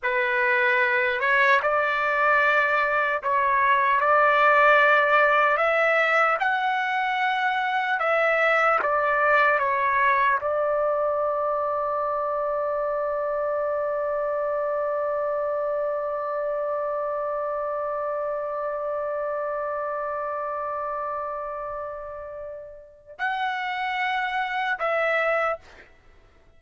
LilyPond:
\new Staff \with { instrumentName = "trumpet" } { \time 4/4 \tempo 4 = 75 b'4. cis''8 d''2 | cis''4 d''2 e''4 | fis''2 e''4 d''4 | cis''4 d''2.~ |
d''1~ | d''1~ | d''1~ | d''4 fis''2 e''4 | }